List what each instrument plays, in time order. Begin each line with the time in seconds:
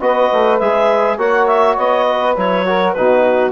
0.00 bassoon B3, trombone F#4, saxophone B4, clarinet D#5
0.33 bassoon A3
0.59 bassoon G#3, trombone G#4, clarinet E5
1.17 bassoon A#3, trombone F#4, saxophone C#5, clarinet F#5
1.47 clarinet E5
1.77 bassoon B3, clarinet D#5
2.10 saxophone B4
2.36 bassoon F#3, trombone E4, clarinet C#5
2.66 trombone F#4, saxophone A#4
2.93 bassoon B2, trombone D#4, saxophone F#4, clarinet B4